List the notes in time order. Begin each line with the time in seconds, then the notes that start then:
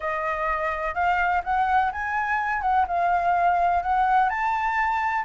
0.00 D#5
0.94 F5
1.44 F#5
1.92 G#5
2.61 F#5
2.87 F5
3.82 F#5
4.29 A5